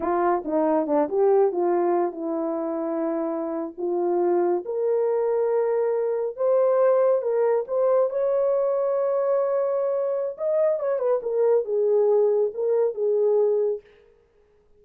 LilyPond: \new Staff \with { instrumentName = "horn" } { \time 4/4 \tempo 4 = 139 f'4 dis'4 d'8 g'4 f'8~ | f'4 e'2.~ | e'8. f'2 ais'4~ ais'16~ | ais'2~ ais'8. c''4~ c''16~ |
c''8. ais'4 c''4 cis''4~ cis''16~ | cis''1 | dis''4 cis''8 b'8 ais'4 gis'4~ | gis'4 ais'4 gis'2 | }